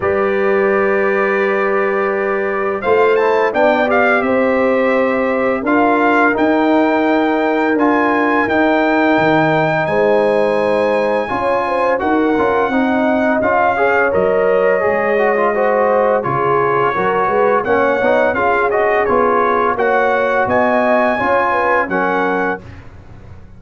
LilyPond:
<<
  \new Staff \with { instrumentName = "trumpet" } { \time 4/4 \tempo 4 = 85 d''1 | f''8 a''8 g''8 f''8 e''2 | f''4 g''2 gis''4 | g''2 gis''2~ |
gis''4 fis''2 f''4 | dis''2. cis''4~ | cis''4 fis''4 f''8 dis''8 cis''4 | fis''4 gis''2 fis''4 | }
  \new Staff \with { instrumentName = "horn" } { \time 4/4 b'1 | c''4 d''4 c''2 | ais'1~ | ais'2 c''2 |
cis''8 c''8 ais'4 dis''4. cis''8~ | cis''2 c''4 gis'4 | ais'8 b'8 cis''4 gis'2 | cis''4 dis''4 cis''8 b'8 ais'4 | }
  \new Staff \with { instrumentName = "trombone" } { \time 4/4 g'1 | f'8 e'8 d'8 g'2~ g'8 | f'4 dis'2 f'4 | dis'1 |
f'4 fis'8 f'8 dis'4 f'8 gis'8 | ais'4 gis'8 fis'16 f'16 fis'4 f'4 | fis'4 cis'8 dis'8 f'8 fis'8 f'4 | fis'2 f'4 cis'4 | }
  \new Staff \with { instrumentName = "tuba" } { \time 4/4 g1 | a4 b4 c'2 | d'4 dis'2 d'4 | dis'4 dis4 gis2 |
cis'4 dis'8 cis'8 c'4 cis'4 | fis4 gis2 cis4 | fis8 gis8 ais8 b8 cis'4 b4 | ais4 b4 cis'4 fis4 | }
>>